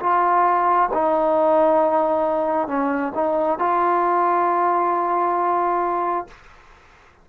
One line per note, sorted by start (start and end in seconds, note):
0.00 0.90 F4
0.94 2.68 D#4
2.68 3.13 C#4
3.15 3.59 D#4
3.59 6.28 F4